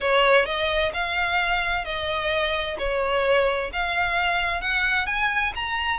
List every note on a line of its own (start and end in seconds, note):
0.00 0.45 C#5
0.45 0.91 D#5
0.93 1.84 F5
1.84 2.77 D#5
2.78 3.70 C#5
3.73 4.61 F5
4.61 5.06 F#5
5.06 5.52 G#5
5.55 5.99 A#5